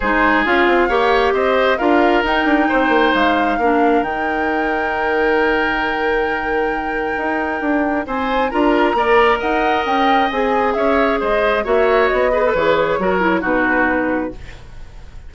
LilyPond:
<<
  \new Staff \with { instrumentName = "flute" } { \time 4/4 \tempo 4 = 134 c''4 f''2 dis''4 | f''4 g''2 f''4~ | f''4 g''2.~ | g''1~ |
g''2 gis''4 ais''4~ | ais''4 fis''4 g''4 gis''4 | e''4 dis''4 e''4 dis''4 | cis''2 b'2 | }
  \new Staff \with { instrumentName = "oboe" } { \time 4/4 gis'2 cis''4 c''4 | ais'2 c''2 | ais'1~ | ais'1~ |
ais'2 c''4 ais'4 | d''4 dis''2. | cis''4 c''4 cis''4. b'8~ | b'4 ais'4 fis'2 | }
  \new Staff \with { instrumentName = "clarinet" } { \time 4/4 dis'4 f'4 g'2 | f'4 dis'2. | d'4 dis'2.~ | dis'1~ |
dis'2. f'4 | ais'2. gis'4~ | gis'2 fis'4. gis'16 a'16 | gis'4 fis'8 e'8 dis'2 | }
  \new Staff \with { instrumentName = "bassoon" } { \time 4/4 gis4 cis'8 c'8 ais4 c'4 | d'4 dis'8 d'8 c'8 ais8 gis4 | ais4 dis2.~ | dis1 |
dis'4 d'4 c'4 d'4 | ais4 dis'4 cis'4 c'4 | cis'4 gis4 ais4 b4 | e4 fis4 b,2 | }
>>